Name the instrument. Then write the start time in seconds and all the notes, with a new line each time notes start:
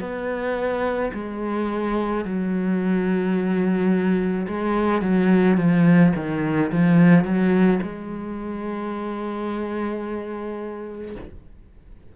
cello
0.00 B3
1.14 G#3
2.25 F#3
4.47 G#3
5.02 F#3
5.58 F3
6.16 D#3
6.72 F3
7.25 F#3
7.82 G#3